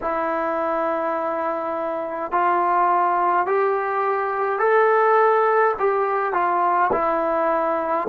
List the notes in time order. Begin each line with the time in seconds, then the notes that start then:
0.01 E4
2.31 F4
3.46 G4
4.59 A4
5.79 G4
6.33 F4
6.92 E4